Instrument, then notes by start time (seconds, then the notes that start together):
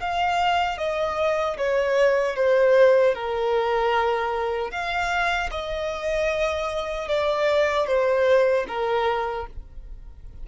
violin
0.00 F5
0.78 D#5
1.57 C#5
2.36 C5
3.15 A#4
4.71 F5
5.51 D#5
7.08 D5
7.87 C5
8.68 A#4